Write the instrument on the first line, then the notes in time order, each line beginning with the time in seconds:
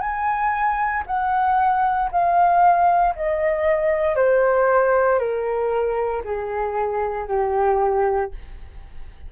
flute
0.00 G#5
1.07 F#5
2.12 F5
3.16 D#5
4.16 C5
5.19 A#4
6.24 G#4
7.28 G4